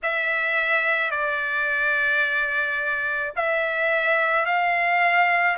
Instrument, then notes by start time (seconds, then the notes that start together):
trumpet
0.03 E5
1.11 D5
3.36 E5
4.45 F5